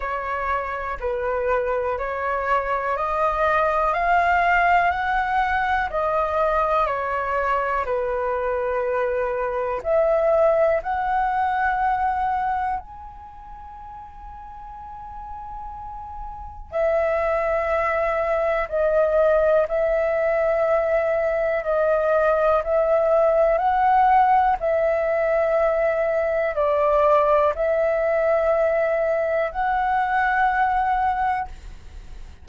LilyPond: \new Staff \with { instrumentName = "flute" } { \time 4/4 \tempo 4 = 61 cis''4 b'4 cis''4 dis''4 | f''4 fis''4 dis''4 cis''4 | b'2 e''4 fis''4~ | fis''4 gis''2.~ |
gis''4 e''2 dis''4 | e''2 dis''4 e''4 | fis''4 e''2 d''4 | e''2 fis''2 | }